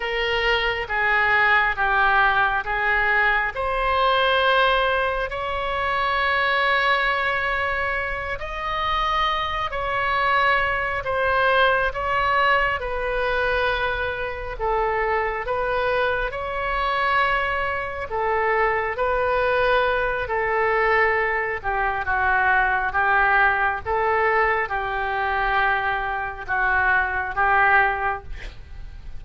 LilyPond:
\new Staff \with { instrumentName = "oboe" } { \time 4/4 \tempo 4 = 68 ais'4 gis'4 g'4 gis'4 | c''2 cis''2~ | cis''4. dis''4. cis''4~ | cis''8 c''4 cis''4 b'4.~ |
b'8 a'4 b'4 cis''4.~ | cis''8 a'4 b'4. a'4~ | a'8 g'8 fis'4 g'4 a'4 | g'2 fis'4 g'4 | }